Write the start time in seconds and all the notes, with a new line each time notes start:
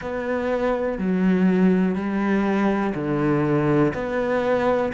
0.00 B3
0.98 F#3
1.94 G3
2.95 D3
3.93 B3